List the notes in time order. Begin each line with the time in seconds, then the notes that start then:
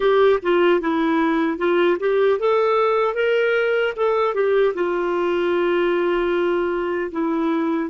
0.00 G4
0.42 F4
0.81 E4
1.58 F4
1.99 G4
2.39 A4
3.14 A#4
3.96 A4
4.34 G4
4.74 F4
7.11 E4